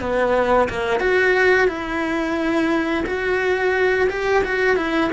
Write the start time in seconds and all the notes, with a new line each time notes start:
0.00 B3
0.69 A#3
0.99 F#4
1.67 E4
3.06 F#4
4.09 G4
4.44 F#4
4.76 E4